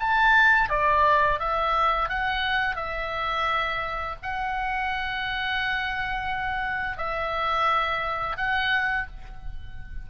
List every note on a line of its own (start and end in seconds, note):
0.00 0.70 A5
0.70 1.40 D5
1.40 2.09 E5
2.09 2.76 F#5
2.76 4.16 E5
4.23 6.97 F#5
6.97 8.37 E5
8.37 9.07 F#5